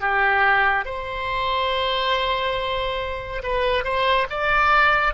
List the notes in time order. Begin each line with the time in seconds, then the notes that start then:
0.00 G4
0.85 C5
3.42 B4
3.84 C5
4.30 D5